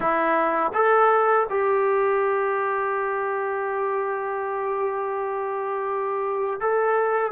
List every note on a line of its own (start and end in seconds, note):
0.00 0.72 E4
0.73 1.46 A4
1.49 6.60 G4
6.60 7.32 A4